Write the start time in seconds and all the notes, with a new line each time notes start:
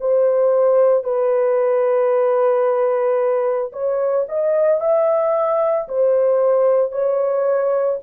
0.00 C5
1.04 B4
3.72 C#5
4.29 D#5
4.80 E5
5.88 C5
6.92 C#5